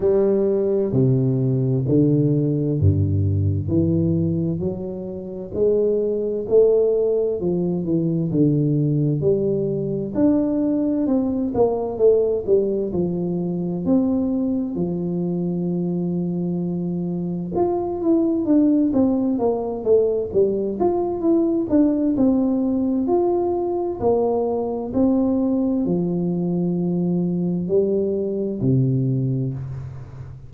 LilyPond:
\new Staff \with { instrumentName = "tuba" } { \time 4/4 \tempo 4 = 65 g4 c4 d4 g,4 | e4 fis4 gis4 a4 | f8 e8 d4 g4 d'4 | c'8 ais8 a8 g8 f4 c'4 |
f2. f'8 e'8 | d'8 c'8 ais8 a8 g8 f'8 e'8 d'8 | c'4 f'4 ais4 c'4 | f2 g4 c4 | }